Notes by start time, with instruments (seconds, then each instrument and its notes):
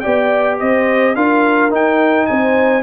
0.00 tuba B3, trombone G4, horn D5, trumpet G5
0.59 tuba C4, horn C5, trumpet D#5
1.15 tuba D4, trombone F4, horn A#4, trumpet F5
1.70 trombone D#4, tuba D#4, trumpet G5
2.26 tuba C4, horn C5, trumpet G#5